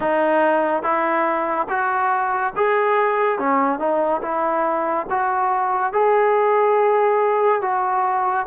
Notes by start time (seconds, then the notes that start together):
0.00 D#4
0.82 E4
1.69 F#4
2.56 G#4
3.38 C#4
3.79 D#4
4.21 E4
5.09 F#4
5.92 G#4
7.61 F#4